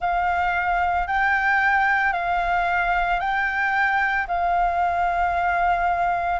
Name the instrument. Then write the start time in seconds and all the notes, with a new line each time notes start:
flute
0.00 F5
1.07 G5
2.12 F5
3.19 G5
4.27 F5